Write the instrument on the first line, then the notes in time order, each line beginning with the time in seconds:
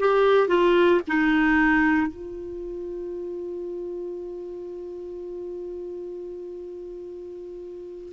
clarinet
0.00 G4
0.48 F4
1.08 D#4
2.08 F4